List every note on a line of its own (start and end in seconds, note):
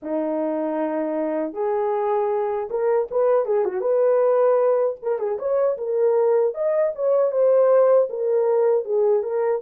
0.02 1.53 D#4
1.53 2.68 G#4
2.70 3.08 A#4
3.10 3.45 B4
3.45 3.64 G#4
3.64 3.80 F#4
3.80 4.96 B4
5.02 5.18 A#4
5.18 5.37 G#4
5.38 5.77 C#5
5.77 6.54 A#4
6.54 6.92 D#5
6.95 7.31 C#5
7.31 8.08 C5
8.09 8.84 A#4
8.84 9.22 G#4
9.22 9.61 A#4